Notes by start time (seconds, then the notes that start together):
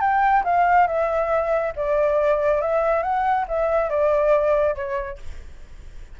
0.00 G5
0.44 F5
0.87 E5
1.76 D5
2.61 E5
3.02 F#5
3.48 E5
3.89 D5
4.75 C#5